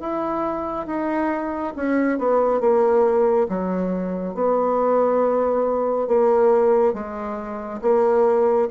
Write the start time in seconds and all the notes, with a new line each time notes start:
0.00 E4
0.87 D#4
1.76 C#4
2.19 B3
2.61 A#3
3.49 F#3
4.35 B3
6.08 A#3
6.94 G#3
7.82 A#3